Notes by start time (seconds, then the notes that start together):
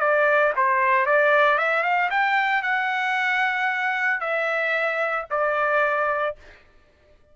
0.00 D5
0.56 C5
1.06 D5
1.58 E5
1.83 F5
2.11 G5
2.62 F#5
4.20 E5
5.30 D5